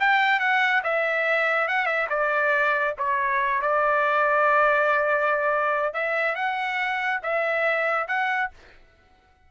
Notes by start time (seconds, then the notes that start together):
0.00 G5
0.40 F#5
0.84 E5
1.68 F#5
1.86 E5
2.10 D5
2.98 C#5
3.62 D5
5.94 E5
6.35 F#5
7.23 E5
8.08 F#5